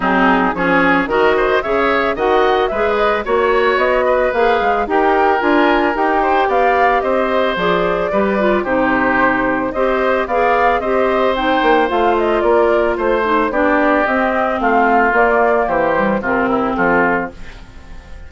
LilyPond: <<
  \new Staff \with { instrumentName = "flute" } { \time 4/4 \tempo 4 = 111 gis'4 cis''4 dis''4 e''4 | fis''4 e''8 dis''8 cis''4 dis''4 | f''4 g''4 gis''4 g''4 | f''4 dis''4 d''2 |
c''2 dis''4 f''4 | dis''4 g''4 f''8 dis''8 d''4 | c''4 d''4 dis''4 f''4 | d''4 c''4 ais'4 a'4 | }
  \new Staff \with { instrumentName = "oboe" } { \time 4/4 dis'4 gis'4 ais'8 c''8 cis''4 | dis''4 b'4 cis''4. b'8~ | b'4 ais'2~ ais'8 c''8 | d''4 c''2 b'4 |
g'2 c''4 d''4 | c''2. ais'4 | c''4 g'2 f'4~ | f'4 g'4 f'8 e'8 f'4 | }
  \new Staff \with { instrumentName = "clarinet" } { \time 4/4 c'4 cis'4 fis'4 gis'4 | fis'4 gis'4 fis'2 | gis'4 g'4 f'4 g'4~ | g'2 gis'4 g'8 f'8 |
dis'2 g'4 gis'4 | g'4 dis'4 f'2~ | f'8 dis'8 d'4 c'2 | ais4. g8 c'2 | }
  \new Staff \with { instrumentName = "bassoon" } { \time 4/4 fis4 f4 dis4 cis4 | dis4 gis4 ais4 b4 | ais8 gis8 dis'4 d'4 dis'4 | b4 c'4 f4 g4 |
c2 c'4 b4 | c'4. ais8 a4 ais4 | a4 b4 c'4 a4 | ais4 e4 c4 f4 | }
>>